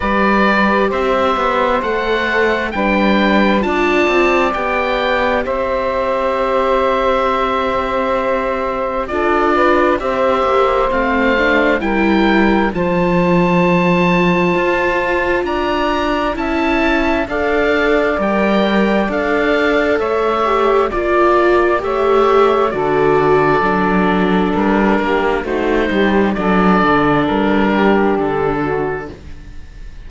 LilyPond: <<
  \new Staff \with { instrumentName = "oboe" } { \time 4/4 \tempo 4 = 66 d''4 e''4 fis''4 g''4 | a''4 g''4 e''2~ | e''2 d''4 e''4 | f''4 g''4 a''2~ |
a''4 ais''4 a''4 f''4 | g''4 f''4 e''4 d''4 | e''4 d''2 ais'4 | c''4 d''4 ais'4 a'4 | }
  \new Staff \with { instrumentName = "saxophone" } { \time 4/4 b'4 c''2 b'4 | d''2 c''2~ | c''2 a'8 b'8 c''4~ | c''4 ais'4 c''2~ |
c''4 d''4 e''4 d''4~ | d''2 cis''4 d''4 | cis''4 a'2~ a'8 g'8 | fis'8 g'8 a'4. g'4 fis'8 | }
  \new Staff \with { instrumentName = "viola" } { \time 4/4 g'2 a'4 d'4 | f'4 g'2.~ | g'2 f'4 g'4 | c'8 d'8 e'4 f'2~ |
f'2 e'4 a'4 | ais'4 a'4. g'8 f'4 | g'4 fis'4 d'2 | dis'4 d'2. | }
  \new Staff \with { instrumentName = "cello" } { \time 4/4 g4 c'8 b8 a4 g4 | d'8 c'8 b4 c'2~ | c'2 d'4 c'8 ais8 | a4 g4 f2 |
f'4 d'4 cis'4 d'4 | g4 d'4 a4 ais4 | a4 d4 fis4 g8 ais8 | a8 g8 fis8 d8 g4 d4 | }
>>